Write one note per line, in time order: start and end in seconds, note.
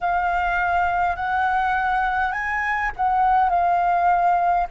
0.01 1.16 F5
1.16 2.32 F#5
2.32 2.90 G#5
2.96 3.49 F#5
3.49 4.67 F5